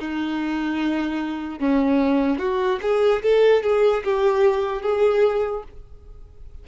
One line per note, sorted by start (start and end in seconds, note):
0.00 1.60 D#4
1.60 2.39 C#4
2.39 2.80 F#4
2.82 3.23 G#4
3.23 3.63 A4
3.63 4.04 G#4
4.05 4.83 G4
4.83 5.64 G#4